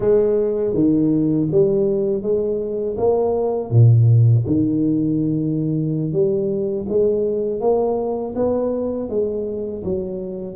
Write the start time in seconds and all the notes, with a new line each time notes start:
0.00 G#3
0.74 D#3
1.51 G3
2.22 G#3
2.97 A#3
3.70 A#2
4.46 D#3
6.12 G3
6.88 G#3
7.60 A#3
8.35 B3
9.09 G#3
9.84 F#3